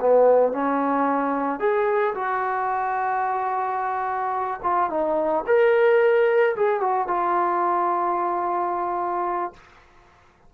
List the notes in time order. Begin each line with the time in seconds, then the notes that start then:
0.00 B3
0.53 C#4
1.60 G#4
2.15 F#4
4.63 F4
4.90 D#4
5.47 A#4
6.56 G#4
6.81 F#4
7.08 F4